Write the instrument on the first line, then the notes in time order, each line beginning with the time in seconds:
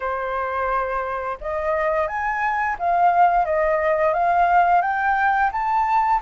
flute
0.00 C5
1.40 D#5
2.07 G#5
2.79 F5
3.45 D#5
4.13 F5
4.81 G5
5.52 A5